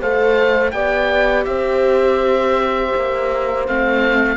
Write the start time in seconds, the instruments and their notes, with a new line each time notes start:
0.00 cello A3, viola A4, horn C5, oboe F5
0.71 cello B3, viola G4, horn D5, oboe G5
1.45 cello C4, horn C5, oboe E5
2.96 cello A#3
3.67 cello A3, viola C4, oboe F5